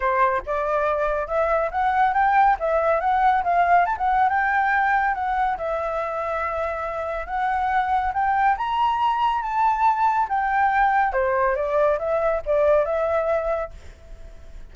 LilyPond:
\new Staff \with { instrumentName = "flute" } { \time 4/4 \tempo 4 = 140 c''4 d''2 e''4 | fis''4 g''4 e''4 fis''4 | f''4 a''16 fis''8. g''2 | fis''4 e''2.~ |
e''4 fis''2 g''4 | ais''2 a''2 | g''2 c''4 d''4 | e''4 d''4 e''2 | }